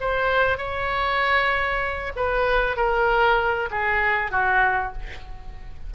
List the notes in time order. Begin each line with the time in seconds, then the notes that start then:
0.00 C5
0.57 C#5
2.16 B4
2.76 A#4
3.70 G#4
4.31 F#4